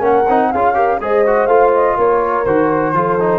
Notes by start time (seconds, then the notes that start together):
0.00 A#3 C#4 A#4 F#5
0.28 C4 D#4
0.51 C#4 F4 G#4 F5
0.74 G4 A#4
1.00 G#3 G#4 C5 D#5
1.27 F#4
1.46 A3 F4 F5
1.73 D#5
1.97 A#3 A#4 C#5
2.45 D#3 F#4 C5
2.94 F3 F4 A4
3.19 D#4